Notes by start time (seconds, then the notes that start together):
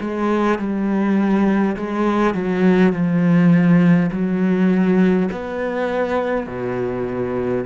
0.00 G#3
0.59 G3
1.76 G#3
2.34 F#3
2.93 F3
4.12 F#3
5.32 B3
6.47 B2